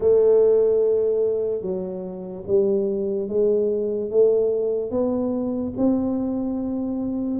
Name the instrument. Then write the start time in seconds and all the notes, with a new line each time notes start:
tuba
0.00 A3
1.61 F#3
2.47 G3
3.28 G#3
4.10 A3
4.90 B3
5.77 C4